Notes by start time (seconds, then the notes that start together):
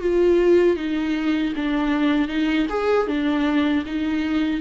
0.00 F4
0.77 D#4
1.56 D4
2.28 D#4
2.69 G#4
3.07 D4
3.86 D#4